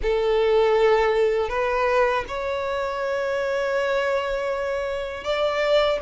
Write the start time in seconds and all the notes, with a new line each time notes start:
0.02 A4
1.49 B4
2.27 C#5
5.24 D5